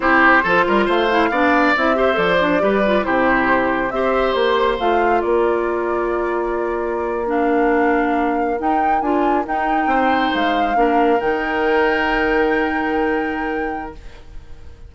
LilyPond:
<<
  \new Staff \with { instrumentName = "flute" } { \time 4/4 \tempo 4 = 138 c''2 f''2 | e''4 d''2 c''4~ | c''4 e''4 c''4 f''4 | d''1~ |
d''8. f''2. g''16~ | g''8. gis''4 g''2 f''16~ | f''4.~ f''16 g''2~ g''16~ | g''1 | }
  \new Staff \with { instrumentName = "oboe" } { \time 4/4 g'4 a'8 ais'8 c''4 d''4~ | d''8 c''4. b'4 g'4~ | g'4 c''2. | ais'1~ |
ais'1~ | ais'2~ ais'8. c''4~ c''16~ | c''8. ais'2.~ ais'16~ | ais'1 | }
  \new Staff \with { instrumentName = "clarinet" } { \time 4/4 e'4 f'4. e'8 d'4 | e'8 g'8 a'8 d'8 g'8 f'8 e'4~ | e'4 g'2 f'4~ | f'1~ |
f'8. d'2. dis'16~ | dis'8. f'4 dis'2~ dis'16~ | dis'8. d'4 dis'2~ dis'16~ | dis'1 | }
  \new Staff \with { instrumentName = "bassoon" } { \time 4/4 c'4 f8 g8 a4 b4 | c'4 f4 g4 c4~ | c4 c'4 ais4 a4 | ais1~ |
ais2.~ ais8. dis'16~ | dis'8. d'4 dis'4 c'4 gis16~ | gis8. ais4 dis2~ dis16~ | dis1 | }
>>